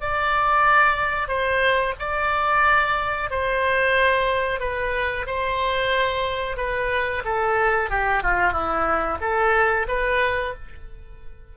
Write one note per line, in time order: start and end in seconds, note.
0.00 1.28 D5
1.28 1.94 C5
1.99 3.30 D5
3.30 4.60 C5
4.60 5.26 B4
5.26 6.57 C5
6.57 7.23 B4
7.25 7.90 A4
7.90 8.23 G4
8.23 8.52 F4
8.52 9.18 E4
9.20 9.86 A4
9.88 10.54 B4